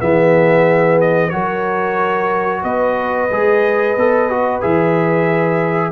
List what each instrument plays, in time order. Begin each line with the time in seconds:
0.00 tuba E3, trombone B3, horn G#4, trumpet E5
1.01 trumpet D#5
1.30 tuba F#3, trombone F#4, horn A#4, trumpet C#5
2.62 tuba B3, horn B4, trumpet D#5
3.31 tuba G#3, trombone G#4
3.97 tuba B3, trombone A4
4.30 trombone F#4
4.61 tuba E3, trombone G#4, trumpet E5